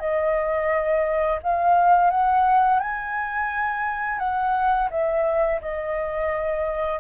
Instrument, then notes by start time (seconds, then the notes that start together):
flute
0.00 D#5
1.43 F5
2.11 F#5
2.80 G#5
4.19 F#5
4.91 E5
5.62 D#5